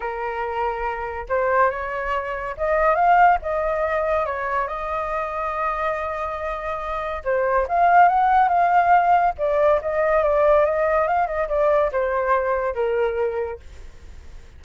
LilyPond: \new Staff \with { instrumentName = "flute" } { \time 4/4 \tempo 4 = 141 ais'2. c''4 | cis''2 dis''4 f''4 | dis''2 cis''4 dis''4~ | dis''1~ |
dis''4 c''4 f''4 fis''4 | f''2 d''4 dis''4 | d''4 dis''4 f''8 dis''8 d''4 | c''2 ais'2 | }